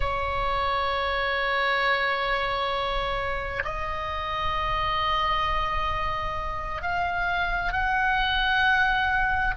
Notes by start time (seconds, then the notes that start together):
0.00 C#5
3.64 D#5
6.81 F5
7.72 F#5